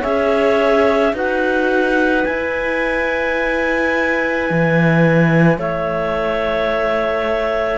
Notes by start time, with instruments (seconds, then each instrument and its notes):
0.00 cello C#4, viola G#4, clarinet C#5 E5
1.13 cello D#4, viola F#4, clarinet B4 F#5
2.24 viola E4, cello E4, clarinet G#5
4.50 cello E3
5.59 cello A3, clarinet C#5 E5